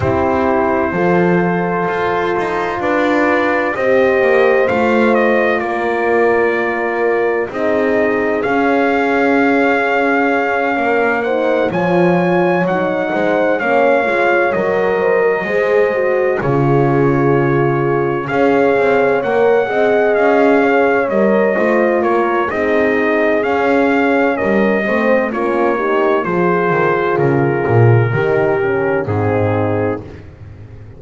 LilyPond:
<<
  \new Staff \with { instrumentName = "trumpet" } { \time 4/4 \tempo 4 = 64 c''2. d''4 | dis''4 f''8 dis''8 d''2 | dis''4 f''2. | fis''8 gis''4 fis''4 f''4 dis''8~ |
dis''4. cis''2 f''8~ | f''8 fis''4 f''4 dis''4 cis''8 | dis''4 f''4 dis''4 cis''4 | c''4 ais'2 gis'4 | }
  \new Staff \with { instrumentName = "horn" } { \time 4/4 g'4 a'2 b'4 | c''2 ais'2 | gis'2.~ gis'8 ais'8 | c''8 cis''4. c''8 cis''4. |
c''16 ais'16 c''4 gis'2 cis''8~ | cis''4 dis''4 cis''4 c''8 ais'8 | gis'2 ais'8 c''8 f'8 g'8 | gis'2 g'4 dis'4 | }
  \new Staff \with { instrumentName = "horn" } { \time 4/4 e'4 f'2. | g'4 f'2. | dis'4 cis'2. | dis'8 f'4 dis'4 cis'8 f'8 ais'8~ |
ais'8 gis'8 fis'8 f'2 gis'8~ | gis'8 ais'8 gis'4. ais'8 f'4 | dis'4 cis'4. c'8 cis'8 dis'8 | f'2 dis'8 cis'8 c'4 | }
  \new Staff \with { instrumentName = "double bass" } { \time 4/4 c'4 f4 f'8 dis'8 d'4 | c'8 ais8 a4 ais2 | c'4 cis'2~ cis'8 ais8~ | ais8 f4 fis8 gis8 ais8 gis8 fis8~ |
fis8 gis4 cis2 cis'8 | c'8 ais8 c'8 cis'4 g8 a8 ais8 | c'4 cis'4 g8 a8 ais4 | f8 dis8 cis8 ais,8 dis4 gis,4 | }
>>